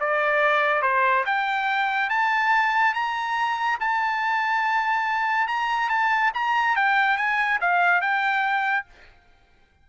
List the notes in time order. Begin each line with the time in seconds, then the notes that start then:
0.00 D5
0.82 C5
1.26 G5
2.10 A5
2.94 A#5
3.80 A5
5.48 A#5
5.89 A5
6.34 A#5
6.76 G5
7.17 G#5
7.61 F5
8.01 G5